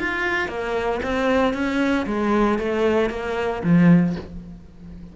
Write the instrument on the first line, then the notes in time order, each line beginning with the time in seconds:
cello
0.00 F4
0.49 A#3
1.03 C4
1.54 C#4
2.07 G#3
2.59 A3
3.10 A#3
3.64 F3